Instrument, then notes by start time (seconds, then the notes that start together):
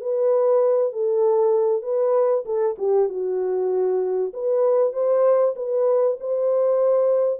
horn
0.00 B4
0.92 A4
1.82 B4
2.45 A4
2.78 G4
3.08 F#4
4.33 B4
4.93 C5
5.56 B4
6.20 C5